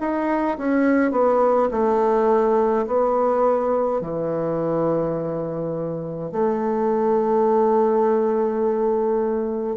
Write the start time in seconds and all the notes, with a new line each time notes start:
0.00 D#4
0.58 C#4
1.12 B3
1.71 A3
2.87 B3
4.01 E3
6.32 A3